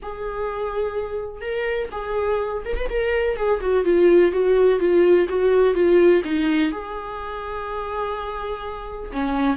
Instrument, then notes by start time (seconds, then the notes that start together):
viola
0.02 G#4
1.41 A#4
1.91 G#4
2.65 A#4
2.76 B4
2.89 A#4
3.36 G#4
3.60 F#4
3.84 F4
4.32 F#4
4.79 F4
5.28 F#4
5.74 F4
6.24 D#4
6.71 G#4
9.12 C#4